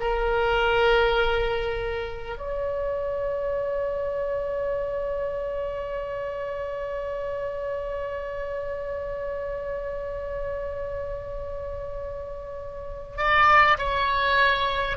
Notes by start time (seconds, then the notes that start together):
0.00 A#4
2.37 C#5
13.17 D5
13.78 C#5